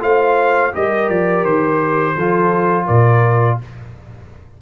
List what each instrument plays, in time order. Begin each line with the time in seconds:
0.00 tuba A3, trombone F4, horn C5, trumpet F5
0.72 tuba G3, trombone G4, horn A#4, trumpet D#5
1.09 tuba F3, trumpet D5
1.44 tuba D#3, trumpet C5
2.15 tuba F3, trombone F4, horn A4
2.86 tuba A#2, horn A#4, trumpet D5